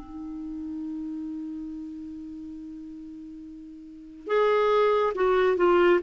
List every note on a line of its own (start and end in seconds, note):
0.00 4.27 D#4
4.27 5.13 G#4
5.15 5.57 F#4
5.57 6.00 F4